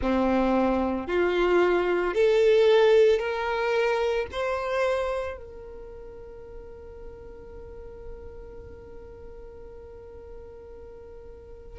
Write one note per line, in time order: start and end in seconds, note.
0.01 1.07 C4
1.07 2.14 F4
2.14 3.19 A4
3.19 4.26 A#4
4.31 5.37 C5
5.37 11.79 A#4